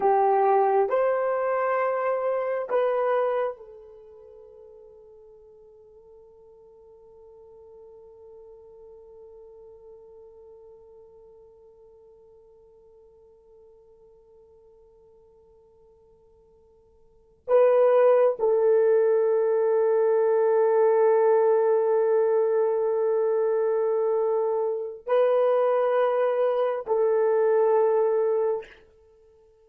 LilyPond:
\new Staff \with { instrumentName = "horn" } { \time 4/4 \tempo 4 = 67 g'4 c''2 b'4 | a'1~ | a'1~ | a'1~ |
a'2.~ a'8 b'8~ | b'8 a'2.~ a'8~ | a'1 | b'2 a'2 | }